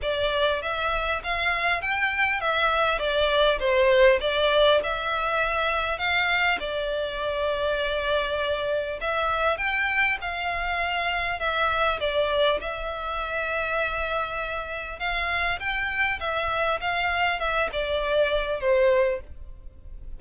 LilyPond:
\new Staff \with { instrumentName = "violin" } { \time 4/4 \tempo 4 = 100 d''4 e''4 f''4 g''4 | e''4 d''4 c''4 d''4 | e''2 f''4 d''4~ | d''2. e''4 |
g''4 f''2 e''4 | d''4 e''2.~ | e''4 f''4 g''4 e''4 | f''4 e''8 d''4. c''4 | }